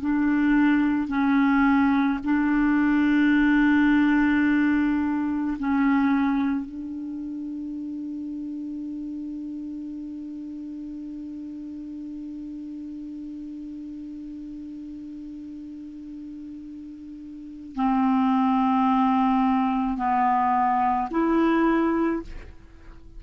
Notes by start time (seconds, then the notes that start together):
0.00 D4
1.08 C#4
2.24 D4
5.59 C#4
6.65 D4
17.75 C4
19.97 B3
21.11 E4